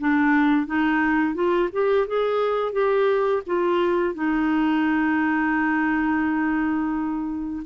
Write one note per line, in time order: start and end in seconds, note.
0.00 0.67 D4
0.67 1.35 D#4
1.35 1.70 F4
1.73 2.08 G4
2.08 2.73 G#4
2.73 3.43 G4
3.47 4.15 F4
4.15 7.64 D#4